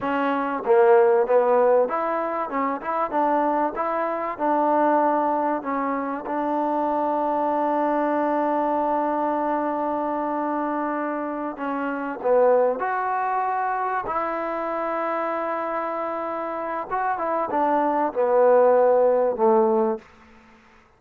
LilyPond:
\new Staff \with { instrumentName = "trombone" } { \time 4/4 \tempo 4 = 96 cis'4 ais4 b4 e'4 | cis'8 e'8 d'4 e'4 d'4~ | d'4 cis'4 d'2~ | d'1~ |
d'2~ d'8 cis'4 b8~ | b8 fis'2 e'4.~ | e'2. fis'8 e'8 | d'4 b2 a4 | }